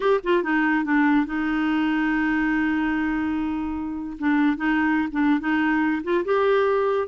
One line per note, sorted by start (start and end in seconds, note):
0.00 0.20 G4
0.23 0.43 F4
0.43 0.84 D#4
0.84 1.25 D4
1.25 4.17 D#4
4.19 4.56 D4
4.56 5.09 D#4
5.11 5.40 D4
5.40 6.02 D#4
6.03 6.24 F4
6.24 7.07 G4